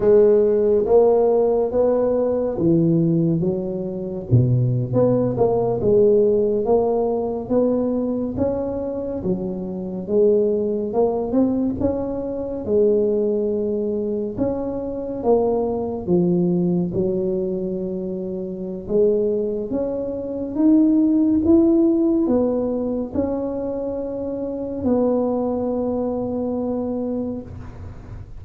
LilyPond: \new Staff \with { instrumentName = "tuba" } { \time 4/4 \tempo 4 = 70 gis4 ais4 b4 e4 | fis4 b,8. b8 ais8 gis4 ais16~ | ais8. b4 cis'4 fis4 gis16~ | gis8. ais8 c'8 cis'4 gis4~ gis16~ |
gis8. cis'4 ais4 f4 fis16~ | fis2 gis4 cis'4 | dis'4 e'4 b4 cis'4~ | cis'4 b2. | }